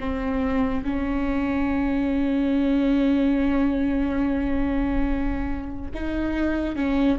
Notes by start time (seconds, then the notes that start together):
0.00 C4
0.85 C#4
5.94 D#4
6.76 C#4